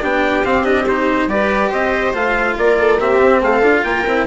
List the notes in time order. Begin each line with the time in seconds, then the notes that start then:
0.00 B3 D4 G4 G5
0.44 C4 F5
0.63 D4 D#5
0.87 D#4 C5
1.27 G3 G4 B4 D5
1.69 C4 C5 D#5
2.13 A3 F4 F5
2.58 A#3 A#4 D5
2.79 A4
2.99 C4 G4 E5
3.20 C4
3.41 A3 A4 F5
3.61 D4 F4
3.84 A#3 A#4 G5
4.06 C4 E4